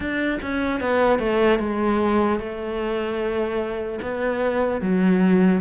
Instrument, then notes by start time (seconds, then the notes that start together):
cello
0.00 D4
0.41 C#4
0.80 B3
1.19 A3
1.59 G#3
2.39 A3
4.02 B3
4.81 F#3